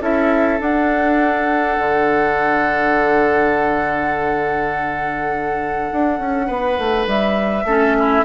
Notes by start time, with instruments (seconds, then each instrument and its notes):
0.00 bassoon C#4, clarinet E4, oboe A4, flute E5
0.59 clarinet D4, bassoon D4, flute F#5
1.78 bassoon D3
5.92 bassoon D4
6.19 bassoon C#4
6.46 bassoon B3, oboe B4
6.78 bassoon A3
7.06 bassoon G3, flute E5
7.64 bassoon A3, clarinet C#4, oboe A4
7.99 oboe E4